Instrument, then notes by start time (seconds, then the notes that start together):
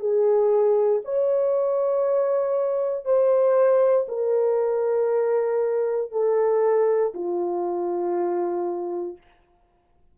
horn
0.00 G#4
1.04 C#5
3.05 C5
4.08 A#4
6.12 A4
7.14 F4